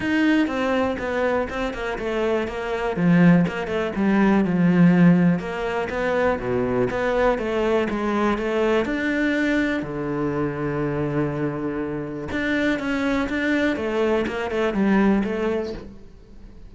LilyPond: \new Staff \with { instrumentName = "cello" } { \time 4/4 \tempo 4 = 122 dis'4 c'4 b4 c'8 ais8 | a4 ais4 f4 ais8 a8 | g4 f2 ais4 | b4 b,4 b4 a4 |
gis4 a4 d'2 | d1~ | d4 d'4 cis'4 d'4 | a4 ais8 a8 g4 a4 | }